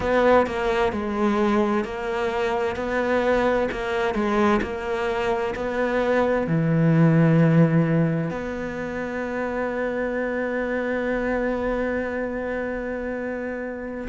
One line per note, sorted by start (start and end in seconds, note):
0.00 0.46 B3
0.46 0.92 A#3
0.92 1.84 G#3
1.84 2.76 A#3
2.76 3.68 B3
3.71 4.14 A#3
4.14 4.60 G#3
4.62 5.54 A#3
5.55 6.47 B3
6.47 8.30 E3
8.30 14.07 B3